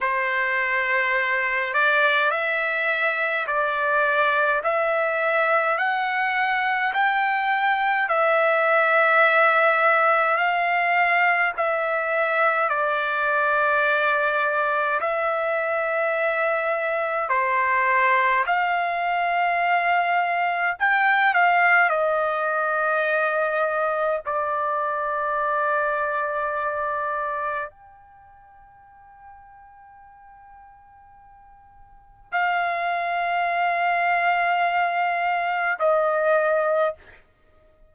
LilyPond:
\new Staff \with { instrumentName = "trumpet" } { \time 4/4 \tempo 4 = 52 c''4. d''8 e''4 d''4 | e''4 fis''4 g''4 e''4~ | e''4 f''4 e''4 d''4~ | d''4 e''2 c''4 |
f''2 g''8 f''8 dis''4~ | dis''4 d''2. | g''1 | f''2. dis''4 | }